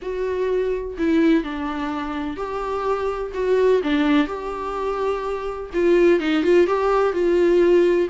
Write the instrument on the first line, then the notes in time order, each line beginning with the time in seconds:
viola
0.02 F#4
0.97 E4
1.43 D4
2.36 G4
3.34 F#4
3.83 D4
4.27 G4
5.73 F4
6.20 D#4
6.43 F4
6.67 G4
7.12 F4